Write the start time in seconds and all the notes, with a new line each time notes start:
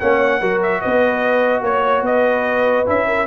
0.00 A#3 C#4 C#5 F#5
0.40 F#3 F#4 A#4
0.63 E5
0.81 B3 B4 D#5
1.62 A#3 C#5
2.02 B3 B4 D#5
2.86 C#4 E4 E5
3.08 A#4